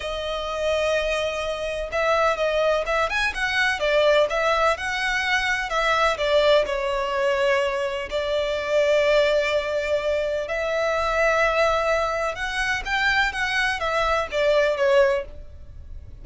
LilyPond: \new Staff \with { instrumentName = "violin" } { \time 4/4 \tempo 4 = 126 dis''1 | e''4 dis''4 e''8 gis''8 fis''4 | d''4 e''4 fis''2 | e''4 d''4 cis''2~ |
cis''4 d''2.~ | d''2 e''2~ | e''2 fis''4 g''4 | fis''4 e''4 d''4 cis''4 | }